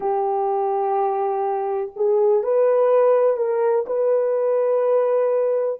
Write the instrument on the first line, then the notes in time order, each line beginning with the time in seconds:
horn
0.00 G4
1.96 G#4
2.43 B4
3.37 A#4
3.86 B4